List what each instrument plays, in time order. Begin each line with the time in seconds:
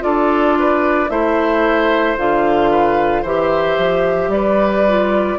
0.00 bassoon D4, clarinet F4, oboe A4, flute D5
0.59 oboe B4
1.09 bassoon A3, clarinet E4, oboe C5, flute E5
2.18 bassoon D3, clarinet F4, flute F5
2.71 oboe B4
3.22 bassoon E3, clarinet G4, oboe C5, flute E5
3.78 bassoon F3
4.28 bassoon G3, oboe B4, flute D5
4.88 clarinet F4